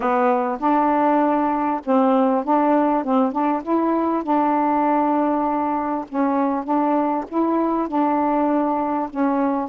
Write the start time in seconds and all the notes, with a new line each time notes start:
0.00 B3
0.59 D4
1.84 C4
2.44 D4
3.03 C4
3.32 D4
3.62 E4
4.23 D4
6.08 C#4
6.64 D4
7.28 E4
7.88 D4
9.09 C#4